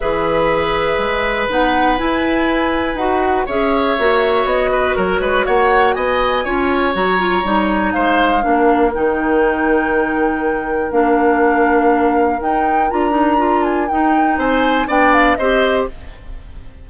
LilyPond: <<
  \new Staff \with { instrumentName = "flute" } { \time 4/4 \tempo 4 = 121 e''2. fis''4 | gis''2 fis''4 e''4~ | e''4 dis''4 cis''4 fis''4 | gis''2 ais''2 |
f''2 g''2~ | g''2 f''2~ | f''4 g''4 ais''4. gis''8 | g''4 gis''4 g''8 f''8 dis''4 | }
  \new Staff \with { instrumentName = "oboe" } { \time 4/4 b'1~ | b'2. cis''4~ | cis''4. b'8 ais'8 b'8 cis''4 | dis''4 cis''2. |
c''4 ais'2.~ | ais'1~ | ais'1~ | ais'4 c''4 d''4 c''4 | }
  \new Staff \with { instrumentName = "clarinet" } { \time 4/4 gis'2. dis'4 | e'2 fis'4 gis'4 | fis'1~ | fis'4 f'4 fis'8 f'8 dis'4~ |
dis'4 d'4 dis'2~ | dis'2 d'2~ | d'4 dis'4 f'8 dis'8 f'4 | dis'2 d'4 g'4 | }
  \new Staff \with { instrumentName = "bassoon" } { \time 4/4 e2 gis4 b4 | e'2 dis'4 cis'4 | ais4 b4 fis8 gis8 ais4 | b4 cis'4 fis4 g4 |
gis4 ais4 dis2~ | dis2 ais2~ | ais4 dis'4 d'2 | dis'4 c'4 b4 c'4 | }
>>